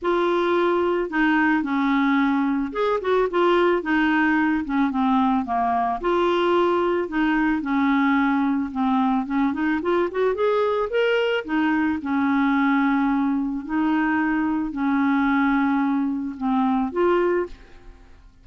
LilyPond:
\new Staff \with { instrumentName = "clarinet" } { \time 4/4 \tempo 4 = 110 f'2 dis'4 cis'4~ | cis'4 gis'8 fis'8 f'4 dis'4~ | dis'8 cis'8 c'4 ais4 f'4~ | f'4 dis'4 cis'2 |
c'4 cis'8 dis'8 f'8 fis'8 gis'4 | ais'4 dis'4 cis'2~ | cis'4 dis'2 cis'4~ | cis'2 c'4 f'4 | }